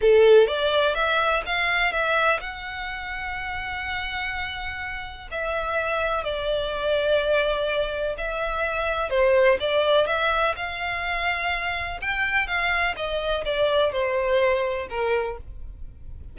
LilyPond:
\new Staff \with { instrumentName = "violin" } { \time 4/4 \tempo 4 = 125 a'4 d''4 e''4 f''4 | e''4 fis''2.~ | fis''2. e''4~ | e''4 d''2.~ |
d''4 e''2 c''4 | d''4 e''4 f''2~ | f''4 g''4 f''4 dis''4 | d''4 c''2 ais'4 | }